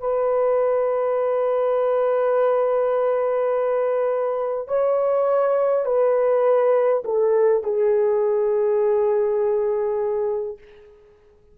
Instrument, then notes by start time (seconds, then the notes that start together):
horn
0.00 B4
4.68 C#5
5.86 B4
7.05 A4
7.64 G#4